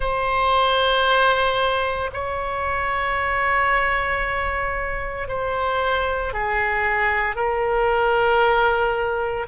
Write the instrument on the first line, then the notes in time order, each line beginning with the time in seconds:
oboe
0.00 C5
2.13 C#5
5.28 C5
6.33 G#4
7.35 A#4